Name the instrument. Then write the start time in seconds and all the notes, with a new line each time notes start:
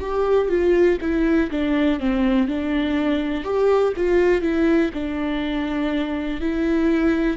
viola
0.00 G4
0.49 F4
1.01 E4
1.51 D4
2.00 C4
2.48 D4
3.44 G4
3.97 F4
4.42 E4
4.94 D4
6.41 E4